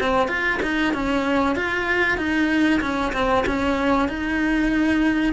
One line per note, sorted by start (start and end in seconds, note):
0.00 0.28 C4
0.28 0.60 F4
0.62 0.94 D#4
0.94 1.56 C#4
1.56 2.18 F4
2.18 2.81 D#4
2.81 3.13 C#4
3.13 3.45 C4
3.47 4.09 C#4
4.09 5.33 D#4